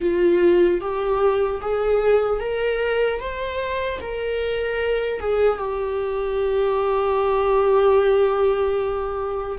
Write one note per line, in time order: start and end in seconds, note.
0.00 0.80 F4
0.80 1.60 G4
1.61 2.40 G#4
2.40 3.20 A#4
3.20 4.00 C5
4.01 5.20 A#4
5.20 5.58 G#4
5.58 9.58 G4